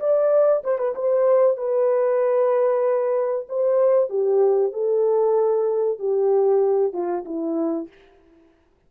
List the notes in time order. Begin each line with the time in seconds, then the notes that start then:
0.00 D5
0.64 C5
0.78 B4
0.95 C5
1.57 B4
3.49 C5
4.10 G4
4.73 A4
5.99 G4
6.93 F4
7.25 E4